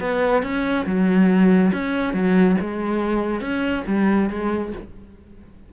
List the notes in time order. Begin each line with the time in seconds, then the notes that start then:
0.00 B3
0.43 C#4
0.86 F#3
1.73 C#4
2.14 F#3
2.61 G#3
3.41 C#4
3.87 G3
4.30 G#3